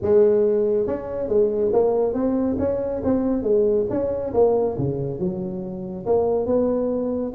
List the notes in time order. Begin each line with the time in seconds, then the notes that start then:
0.02 G#3
0.86 C#4
1.28 G#3
1.72 A#3
2.13 C4
2.58 C#4
3.04 C4
3.43 G#3
3.89 C#4
4.33 A#3
4.78 C#3
5.19 F#3
6.06 A#3
6.46 B3